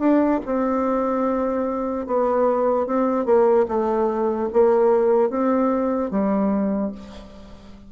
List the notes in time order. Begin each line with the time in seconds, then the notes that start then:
0.00 D4
0.46 C4
2.07 B3
2.87 C4
3.26 A#3
3.69 A3
4.54 A#3
5.30 C4
6.11 G3